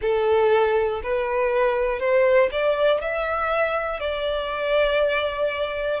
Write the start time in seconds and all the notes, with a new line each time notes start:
0.01 A4
1.03 B4
2.00 C5
2.51 D5
3.00 E5
4.00 D5